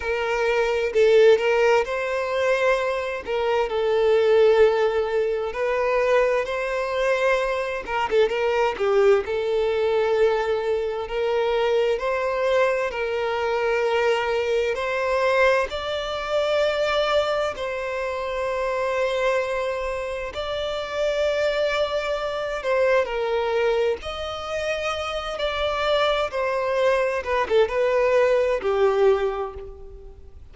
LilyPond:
\new Staff \with { instrumentName = "violin" } { \time 4/4 \tempo 4 = 65 ais'4 a'8 ais'8 c''4. ais'8 | a'2 b'4 c''4~ | c''8 ais'16 a'16 ais'8 g'8 a'2 | ais'4 c''4 ais'2 |
c''4 d''2 c''4~ | c''2 d''2~ | d''8 c''8 ais'4 dis''4. d''8~ | d''8 c''4 b'16 a'16 b'4 g'4 | }